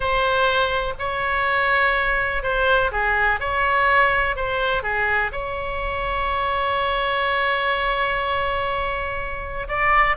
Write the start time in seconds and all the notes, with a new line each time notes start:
0.00 C5
0.99 C#5
2.42 C5
2.91 G#4
3.40 C#5
4.35 C5
4.83 G#4
5.32 C#5
9.68 D5